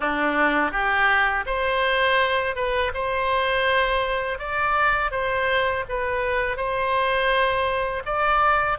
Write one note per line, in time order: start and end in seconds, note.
0.00 0.71 D4
0.71 1.44 G4
1.46 2.55 C5
2.55 2.92 B4
2.94 4.39 C5
4.39 5.11 D5
5.11 5.84 C5
5.88 6.56 B4
6.56 8.03 C5
8.05 8.78 D5